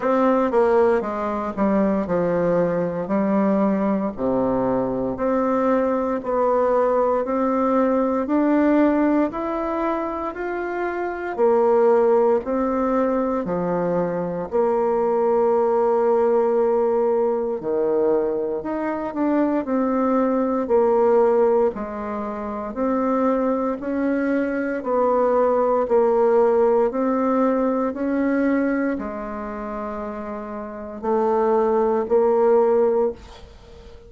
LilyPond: \new Staff \with { instrumentName = "bassoon" } { \time 4/4 \tempo 4 = 58 c'8 ais8 gis8 g8 f4 g4 | c4 c'4 b4 c'4 | d'4 e'4 f'4 ais4 | c'4 f4 ais2~ |
ais4 dis4 dis'8 d'8 c'4 | ais4 gis4 c'4 cis'4 | b4 ais4 c'4 cis'4 | gis2 a4 ais4 | }